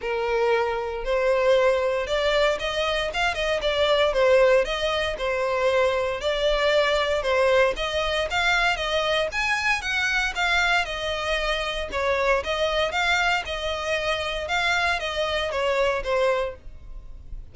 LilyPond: \new Staff \with { instrumentName = "violin" } { \time 4/4 \tempo 4 = 116 ais'2 c''2 | d''4 dis''4 f''8 dis''8 d''4 | c''4 dis''4 c''2 | d''2 c''4 dis''4 |
f''4 dis''4 gis''4 fis''4 | f''4 dis''2 cis''4 | dis''4 f''4 dis''2 | f''4 dis''4 cis''4 c''4 | }